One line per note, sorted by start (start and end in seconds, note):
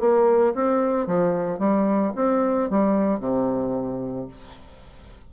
0.00 0.54 A#3
0.55 1.07 C4
1.07 1.59 F3
1.59 2.13 G3
2.16 2.70 C4
2.70 3.20 G3
3.20 4.28 C3